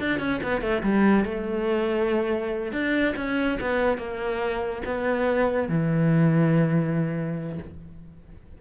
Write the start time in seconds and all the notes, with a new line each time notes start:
0.00 D4
0.20 C#4
0.43 B3
0.62 A3
0.83 G3
1.25 A3
2.73 D4
3.17 C#4
3.61 B3
3.98 A#3
4.86 B3
5.69 E3